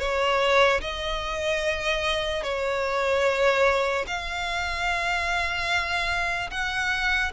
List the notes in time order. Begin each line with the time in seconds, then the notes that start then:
0.00 C#5
0.82 D#5
2.44 C#5
4.08 F5
6.51 F#5